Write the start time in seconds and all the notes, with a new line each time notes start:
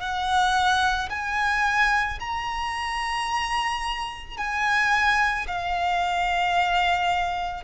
0.00 F#5
1.10 G#5
2.19 A#5
4.37 G#5
5.47 F5